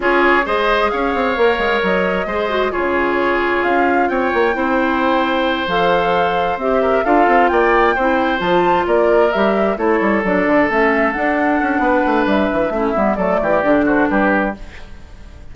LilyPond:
<<
  \new Staff \with { instrumentName = "flute" } { \time 4/4 \tempo 4 = 132 cis''4 dis''4 f''2 | dis''2 cis''2 | f''4 g''2.~ | g''8 f''2 e''4 f''8~ |
f''8 g''2 a''4 d''8~ | d''8 e''4 cis''4 d''4 e''8~ | e''8 fis''2~ fis''8 e''4~ | e''4 d''4. c''8 b'4 | }
  \new Staff \with { instrumentName = "oboe" } { \time 4/4 gis'4 c''4 cis''2~ | cis''4 c''4 gis'2~ | gis'4 cis''4 c''2~ | c''2. ais'8 a'8~ |
a'8 d''4 c''2 ais'8~ | ais'4. a'2~ a'8~ | a'2 b'2 | e'4 a'8 g'4 fis'8 g'4 | }
  \new Staff \with { instrumentName = "clarinet" } { \time 4/4 f'4 gis'2 ais'4~ | ais'4 gis'8 fis'8 f'2~ | f'2 e'2~ | e'8 a'2 g'4 f'8~ |
f'4. e'4 f'4.~ | f'8 g'4 e'4 d'4 cis'8~ | cis'8 d'2.~ d'8 | cis'8 b8 a4 d'2 | }
  \new Staff \with { instrumentName = "bassoon" } { \time 4/4 cis'4 gis4 cis'8 c'8 ais8 gis8 | fis4 gis4 cis2 | cis'4 c'8 ais8 c'2~ | c'8 f2 c'4 d'8 |
c'8 ais4 c'4 f4 ais8~ | ais8 g4 a8 g8 fis8 d8 a8~ | a8 d'4 cis'8 b8 a8 g8 e8 | a8 g8 fis8 e8 d4 g4 | }
>>